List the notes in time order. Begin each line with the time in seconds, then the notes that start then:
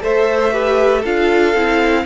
0.00 A3 A4 C5 E5
0.52 G4 B4
1.00 D4 F4 A4 F5
1.54 C4 E4